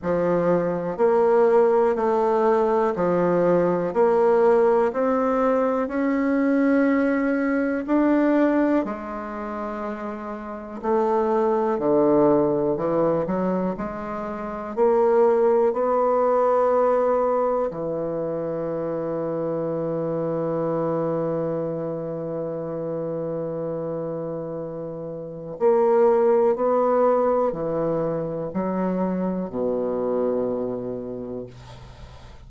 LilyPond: \new Staff \with { instrumentName = "bassoon" } { \time 4/4 \tempo 4 = 61 f4 ais4 a4 f4 | ais4 c'4 cis'2 | d'4 gis2 a4 | d4 e8 fis8 gis4 ais4 |
b2 e2~ | e1~ | e2 ais4 b4 | e4 fis4 b,2 | }